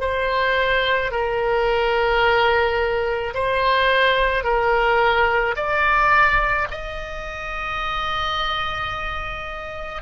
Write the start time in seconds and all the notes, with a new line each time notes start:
0.00 C5
1.11 A#4
3.34 C5
4.43 A#4
5.56 D5
6.71 D#5